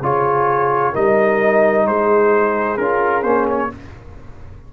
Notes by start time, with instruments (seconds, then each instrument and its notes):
0.00 tuba C#3, trombone F4, horn G#4, trumpet C#5
0.92 tuba G3, trombone D#4, horn A#4, trumpet D#5
1.87 tuba G#3, horn G#4, trumpet C5
2.77 tuba C#4, trombone F4, trumpet A#4
3.23 tuba A#3, trombone C#4, trumpet C5
3.50 trumpet C#5